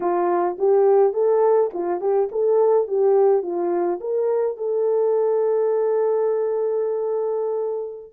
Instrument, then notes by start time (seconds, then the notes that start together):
horn
0.00 F4
0.58 G4
1.13 A4
1.73 F4
2.00 G4
2.31 A4
2.87 G4
3.42 F4
4.00 A#4
4.57 A4